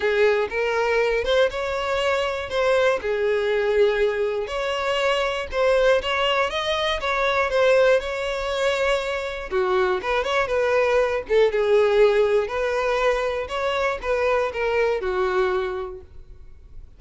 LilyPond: \new Staff \with { instrumentName = "violin" } { \time 4/4 \tempo 4 = 120 gis'4 ais'4. c''8 cis''4~ | cis''4 c''4 gis'2~ | gis'4 cis''2 c''4 | cis''4 dis''4 cis''4 c''4 |
cis''2. fis'4 | b'8 cis''8 b'4. a'8 gis'4~ | gis'4 b'2 cis''4 | b'4 ais'4 fis'2 | }